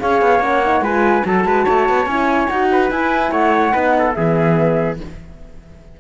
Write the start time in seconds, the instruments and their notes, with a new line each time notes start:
0.00 cello C#4, horn G#4, trumpet C#5, flute F5
0.22 cello B3
0.40 cello A#3, horn C#4, flute F#5
0.65 horn D#4
0.81 cello G#3, horn F4, trumpet B4, flute G#5
1.24 cello F#3, horn F#4, trumpet A4, flute A5
1.45 cello G#3, trumpet B4
1.65 cello A3, trumpet C#5
1.89 cello B3
2.06 cello C#4, horn E4, flute G#5
2.49 cello D#4, horn F#4, flute F#5
2.72 trumpet B4
2.91 cello E4, horn E4, flute G#5
3.32 cello A3, trumpet C#5, flute F#5
3.72 cello B3, horn D#4, trumpet B4
3.99 trumpet A4
4.14 cello E3, horn B3, trumpet G#4, flute E5